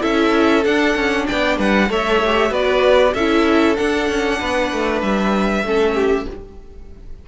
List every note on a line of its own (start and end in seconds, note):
0.00 0.65 C#4
0.00 0.62 E4
0.00 1.26 A4
0.00 0.64 E5
0.64 1.89 D4
0.64 0.95 D4
0.64 1.27 F#5
0.95 1.27 C#4
1.27 1.59 B3
1.27 1.57 D5
1.27 1.58 G5
1.57 1.89 G3
1.57 1.88 B4
1.57 1.92 F#5
1.89 2.51 A3
1.89 2.21 A4
1.89 2.51 C#5
1.89 2.53 E5
2.25 2.50 G4
2.50 3.13 B3
2.50 3.13 F#4
2.50 3.13 B4
2.50 3.14 D5
3.14 3.77 C#4
3.14 3.76 E4
3.14 4.39 A4
3.14 3.76 E5
3.76 5.63 D4
3.76 4.09 D4
3.76 5.01 F#5
4.09 4.40 C#4
4.39 4.72 B3
4.39 5.64 B4
4.72 5.02 A3
5.02 5.63 G3
5.02 6.27 E5
5.63 6.25 A3
5.63 6.28 C#4
5.63 5.94 A4
5.94 6.25 G4